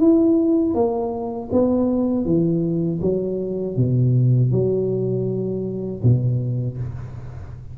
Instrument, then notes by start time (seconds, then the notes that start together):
tuba
0.00 E4
0.75 A#3
1.52 B3
2.25 E3
3.02 F#3
3.77 B2
4.52 F#3
6.03 B2